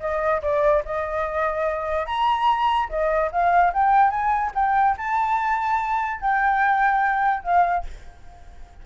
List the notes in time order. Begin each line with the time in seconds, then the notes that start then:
0.00 D#5
0.42 D5
0.85 D#5
2.06 A#5
2.89 D#5
3.32 F5
3.73 G5
4.10 G#5
4.55 G5
4.98 A5
6.21 G5
7.43 F5